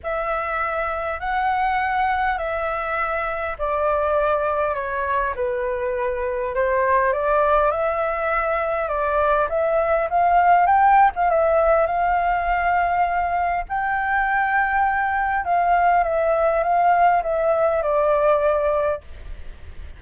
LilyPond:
\new Staff \with { instrumentName = "flute" } { \time 4/4 \tempo 4 = 101 e''2 fis''2 | e''2 d''2 | cis''4 b'2 c''4 | d''4 e''2 d''4 |
e''4 f''4 g''8. f''16 e''4 | f''2. g''4~ | g''2 f''4 e''4 | f''4 e''4 d''2 | }